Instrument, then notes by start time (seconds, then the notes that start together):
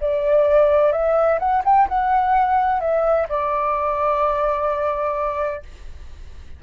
flute
0.00 D5
0.92 E5
1.39 F#5
1.64 G5
1.88 F#5
2.80 E5
3.28 D5